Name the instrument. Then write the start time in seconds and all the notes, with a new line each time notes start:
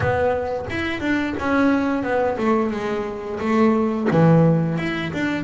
double bass
0.00 B3
0.70 E4
1.00 D4
1.39 C#4
2.03 B3
2.37 A3
2.71 G#3
3.39 A3
4.11 E3
4.77 E4
5.13 D4